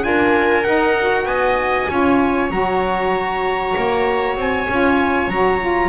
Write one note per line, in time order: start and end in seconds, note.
0.00 0.65 D4
0.00 0.62 F4
0.00 0.64 G#5
0.07 1.27 A#4
0.64 0.96 D#4
0.64 1.24 D#4
0.64 1.25 F#5
0.98 1.88 F#4
1.24 1.86 B3
1.24 1.89 D#5
1.24 2.49 G#5
1.88 2.51 C#4
1.88 2.49 F4
1.88 5.89 C#5
2.49 3.74 F#3
2.49 4.66 F#4
2.49 4.36 A#5
3.77 4.36 A#3
4.36 4.67 C4
4.36 5.29 G#5
4.69 5.27 C#4
4.69 5.31 F4
5.27 5.89 F#3
5.27 5.60 F#4
5.27 5.89 A#5
5.60 5.89 F4